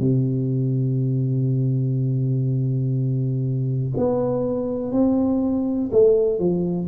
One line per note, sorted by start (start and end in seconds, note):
0.00 3.94 C3
3.97 4.93 B3
4.93 5.91 C4
5.92 6.39 A3
6.39 6.88 F3